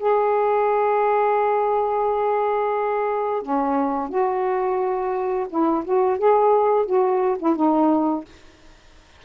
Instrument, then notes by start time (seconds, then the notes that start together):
saxophone
0.00 G#4
3.43 C#4
4.09 F#4
5.50 E4
5.85 F#4
6.19 G#4
6.86 F#4
7.39 E4
7.56 D#4